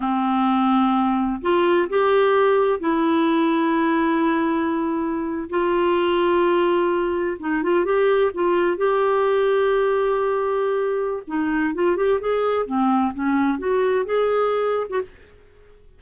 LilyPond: \new Staff \with { instrumentName = "clarinet" } { \time 4/4 \tempo 4 = 128 c'2. f'4 | g'2 e'2~ | e'2.~ e'8. f'16~ | f'2.~ f'8. dis'16~ |
dis'16 f'8 g'4 f'4 g'4~ g'16~ | g'1 | dis'4 f'8 g'8 gis'4 c'4 | cis'4 fis'4 gis'4.~ gis'16 fis'16 | }